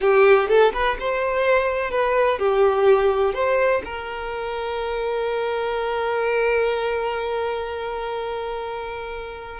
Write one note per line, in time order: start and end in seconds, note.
0.00 0.48 G4
0.48 0.72 A4
0.73 0.97 B4
0.99 1.90 C5
1.90 2.38 B4
2.38 3.34 G4
3.34 3.82 C5
3.84 9.60 A#4